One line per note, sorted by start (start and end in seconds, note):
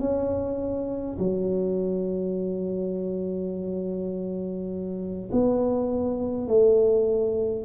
0.00 1.18 C#4
1.19 5.30 F#3
5.32 6.48 B3
6.48 7.65 A3